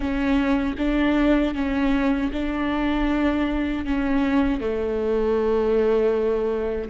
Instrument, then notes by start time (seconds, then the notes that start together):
viola
0.00 C#4
0.77 D4
1.54 C#4
2.32 D4
3.85 C#4
4.60 A3